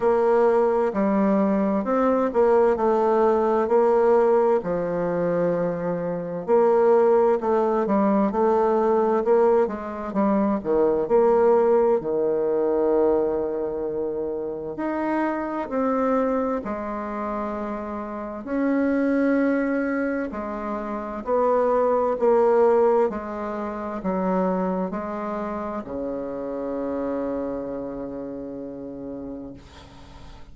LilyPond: \new Staff \with { instrumentName = "bassoon" } { \time 4/4 \tempo 4 = 65 ais4 g4 c'8 ais8 a4 | ais4 f2 ais4 | a8 g8 a4 ais8 gis8 g8 dis8 | ais4 dis2. |
dis'4 c'4 gis2 | cis'2 gis4 b4 | ais4 gis4 fis4 gis4 | cis1 | }